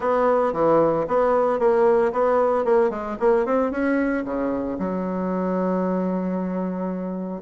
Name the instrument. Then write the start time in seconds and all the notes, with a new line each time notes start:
bassoon
0.00 B3
0.52 E3
1.07 B3
1.59 A#3
2.12 B3
2.65 A#3
2.90 G#3
3.19 A#3
3.45 C4
3.71 C#4
4.25 C#3
4.78 F#3